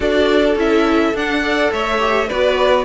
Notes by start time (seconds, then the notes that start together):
0.00 D4 F#4 A4 D5
0.55 C#4 E4 E5
1.13 D4 F#5
1.41 A4 D5
1.72 A3 C#5 E5
1.99 G4
2.28 B3 F#4 B4 D5